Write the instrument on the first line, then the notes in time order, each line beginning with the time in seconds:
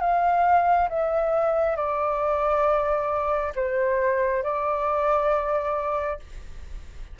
flute
0.00 F5
0.89 E5
1.76 D5
3.55 C5
4.43 D5